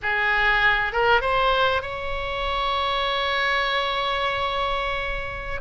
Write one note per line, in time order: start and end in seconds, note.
0.02 0.92 G#4
0.92 1.21 A#4
1.21 1.82 C5
1.82 5.60 C#5